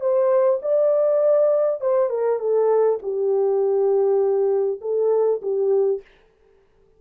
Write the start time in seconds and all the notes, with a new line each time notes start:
0.00 C5
0.62 D5
1.81 C5
2.09 A#4
2.39 A4
3.02 G4
4.81 A4
5.41 G4